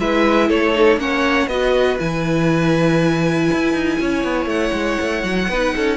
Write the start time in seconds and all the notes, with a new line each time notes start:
0.00 G#3 E4 B4 E5
0.49 A3 A4 C#5
0.75 D#4
0.97 A#3 C#4 C#5 F#5
1.48 B3 F#4 B4 D#5
1.99 E3 E4 G#5
3.53 E4
3.73 D#4
4.00 C#4 C#5
4.24 B3
4.46 A3 F#5
4.73 G#3
5.01 A3
5.24 F#3
5.49 B3 D#4 B4
5.76 C#4 A4